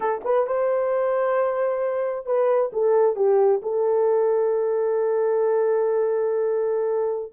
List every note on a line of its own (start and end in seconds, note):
0.00 0.21 A4
0.24 0.47 B4
0.47 2.26 C5
2.26 2.71 B4
2.73 3.16 A4
3.16 3.61 G4
3.62 7.32 A4